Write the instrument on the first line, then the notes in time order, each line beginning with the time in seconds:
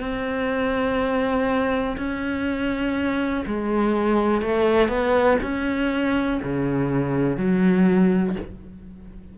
cello
0.00 C4
1.97 C#4
3.47 G#3
4.42 A3
4.89 B3
5.42 C#4
6.43 C#3
7.38 F#3